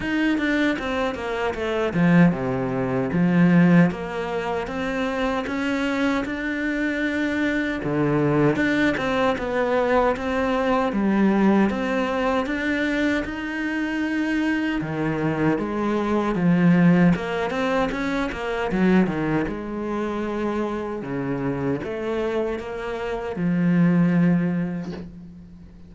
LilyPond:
\new Staff \with { instrumentName = "cello" } { \time 4/4 \tempo 4 = 77 dis'8 d'8 c'8 ais8 a8 f8 c4 | f4 ais4 c'4 cis'4 | d'2 d4 d'8 c'8 | b4 c'4 g4 c'4 |
d'4 dis'2 dis4 | gis4 f4 ais8 c'8 cis'8 ais8 | fis8 dis8 gis2 cis4 | a4 ais4 f2 | }